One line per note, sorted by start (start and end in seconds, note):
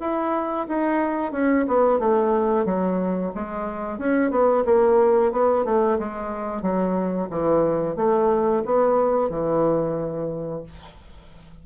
0.00 0.67 E4
0.68 1.32 D#4
1.32 1.65 C#4
1.67 1.99 B3
1.99 2.65 A3
2.65 3.32 F#3
3.34 3.98 G#3
3.98 4.30 C#4
4.30 4.64 B3
4.65 5.32 A#3
5.32 5.64 B3
5.64 5.98 A3
5.99 6.62 G#3
6.62 7.28 F#3
7.30 7.96 E3
7.96 8.62 A3
8.65 9.29 B3
9.29 10.63 E3